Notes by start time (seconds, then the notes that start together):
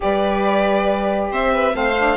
0.00 G3 G4 B4 D5
1.31 C4 C5 E5
1.52 B4
1.72 A3 C4 C5 F5
1.97 D4